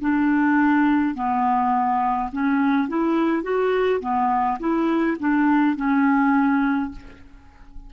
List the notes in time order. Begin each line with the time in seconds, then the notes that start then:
0.00 D4
1.14 B3
2.32 C#4
2.87 E4
3.42 F#4
4.00 B3
4.59 E4
5.19 D4
5.76 C#4